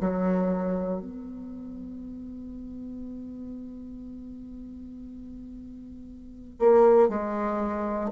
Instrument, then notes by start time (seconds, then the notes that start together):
bassoon
0.00 F#3
1.00 B3
6.59 A#3
7.09 G#3